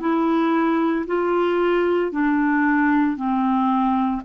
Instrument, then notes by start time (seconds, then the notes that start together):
clarinet
0.00 E4
1.06 F4
2.11 D4
3.16 C4